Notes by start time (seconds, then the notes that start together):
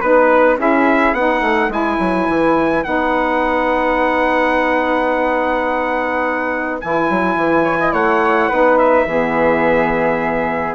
0.00 B3 D#4 B4
0.57 C#4 E4 G#4 E5
1.12 B3 D#4 B4 F#5
1.41 A3
1.68 G#3 E4 G#5
1.99 F#3
2.28 E3
2.83 B3 D#4 F#5
6.80 E3 E4 G#5
7.10 F#3
7.35 E3
7.63 C#5
7.79 D#5
7.92 A3 C#5 F#5
8.48 B3 D#4 B4
8.78 E5
9.06 E3 B3 G#4